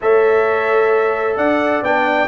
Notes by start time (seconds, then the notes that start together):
0.01 A3 A4 C#5 E5
1.36 D4 D5 F#5
1.82 B3 D4 G5